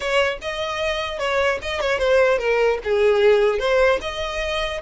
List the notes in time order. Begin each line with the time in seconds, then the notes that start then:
0.00 C#5
0.41 D#5
1.18 C#5
1.61 D#5
1.80 C#5
1.98 C5
2.38 A#4
2.84 G#4
3.59 C5
4.01 D#5